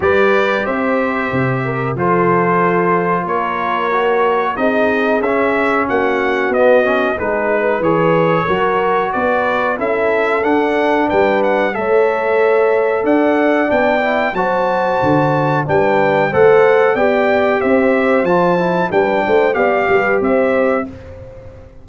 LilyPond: <<
  \new Staff \with { instrumentName = "trumpet" } { \time 4/4 \tempo 4 = 92 d''4 e''2 c''4~ | c''4 cis''2 dis''4 | e''4 fis''4 dis''4 b'4 | cis''2 d''4 e''4 |
fis''4 g''8 fis''8 e''2 | fis''4 g''4 a''2 | g''4 fis''4 g''4 e''4 | a''4 g''4 f''4 e''4 | }
  \new Staff \with { instrumentName = "horn" } { \time 4/4 b'4 c''4. ais'8 a'4~ | a'4 ais'2 gis'4~ | gis'4 fis'2 gis'8 b'8~ | b'4 ais'4 b'4 a'4~ |
a'4 b'4 cis''2 | d''2 c''2 | b'4 c''4 d''4 c''4~ | c''4 b'8 c''8 d''8 b'8 c''4 | }
  \new Staff \with { instrumentName = "trombone" } { \time 4/4 g'2. f'4~ | f'2 fis'4 dis'4 | cis'2 b8 cis'8 dis'4 | gis'4 fis'2 e'4 |
d'2 a'2~ | a'4 d'8 e'8 fis'2 | d'4 a'4 g'2 | f'8 e'8 d'4 g'2 | }
  \new Staff \with { instrumentName = "tuba" } { \time 4/4 g4 c'4 c4 f4~ | f4 ais2 c'4 | cis'4 ais4 b4 gis4 | e4 fis4 b4 cis'4 |
d'4 g4 a2 | d'4 b4 fis4 d4 | g4 a4 b4 c'4 | f4 g8 a8 b8 g8 c'4 | }
>>